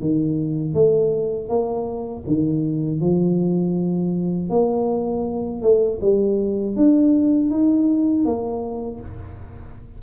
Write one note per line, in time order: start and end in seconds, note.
0.00 0.74 D#3
0.74 1.49 A3
1.49 2.24 A#3
2.27 3.00 D#3
3.00 4.50 F3
4.50 5.62 A#3
5.62 5.99 A3
6.01 6.76 G3
6.76 7.50 D4
7.50 8.25 D#4
8.25 9.00 A#3